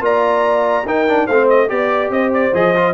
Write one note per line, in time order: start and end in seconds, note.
0.00 0.84 A#3
0.00 0.85 F4
0.00 0.87 D5
0.00 0.88 A#5
0.85 1.27 D#4
0.85 1.08 D#4
0.85 1.26 A#4
0.85 1.27 G5
1.08 1.29 D4
1.26 1.71 A3
1.26 1.69 C4
1.26 1.68 C5
1.26 1.48 F5
1.49 1.70 D#5
1.69 2.10 B3
1.69 2.53 G4
1.69 2.12 D5
1.69 2.13 D5
2.10 2.52 C4
2.10 2.94 C5
2.10 2.33 D#5
2.34 2.55 D5
2.54 2.94 F3
2.54 2.76 G#4
2.54 2.94 D#5
2.76 2.94 F4